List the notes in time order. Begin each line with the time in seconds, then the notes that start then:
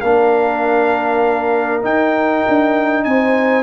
0.00 A#3 D4 A#4 F5
1.82 D#4 G5
2.48 D4
3.04 C4 C5 G#5